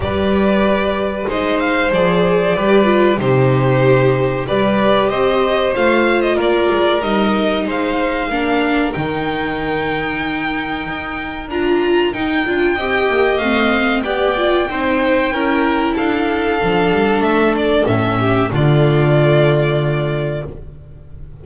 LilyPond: <<
  \new Staff \with { instrumentName = "violin" } { \time 4/4 \tempo 4 = 94 d''2 dis''8 f''8 d''4~ | d''4 c''2 d''4 | dis''4 f''8. dis''16 d''4 dis''4 | f''2 g''2~ |
g''2 ais''4 g''4~ | g''4 f''4 g''2~ | g''4 f''2 e''8 d''8 | e''4 d''2. | }
  \new Staff \with { instrumentName = "violin" } { \time 4/4 b'2 c''2 | b'4 g'2 b'4 | c''2 ais'2 | c''4 ais'2.~ |
ais'1 | dis''2 d''4 c''4 | ais'4 a'2.~ | a'8 g'8 f'2. | }
  \new Staff \with { instrumentName = "viola" } { \time 4/4 g'2 dis'4 gis'4 | g'8 f'8 dis'2 g'4~ | g'4 f'2 dis'4~ | dis'4 d'4 dis'2~ |
dis'2 f'4 dis'8 f'8 | g'4 c'4 g'8 f'8 dis'4 | e'2 d'2 | cis'4 a2. | }
  \new Staff \with { instrumentName = "double bass" } { \time 4/4 g2 gis4 f4 | g4 c2 g4 | c'4 a4 ais8 gis8 g4 | gis4 ais4 dis2~ |
dis4 dis'4 d'4 dis'8 d'8 | c'8 ais8 a4 b4 c'4 | cis'4 d'4 f8 g8 a4 | a,4 d2. | }
>>